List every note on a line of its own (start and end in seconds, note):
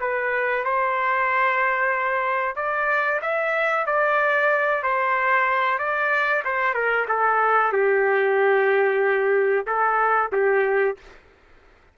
0.00 0.65 B4
0.65 2.56 C5
2.56 3.21 D5
3.22 3.86 E5
3.86 4.83 D5
4.83 5.78 C5
5.78 6.43 D5
6.45 6.74 C5
6.74 7.06 A#4
7.08 7.73 A4
7.73 9.66 G4
9.67 10.31 A4
10.32 10.97 G4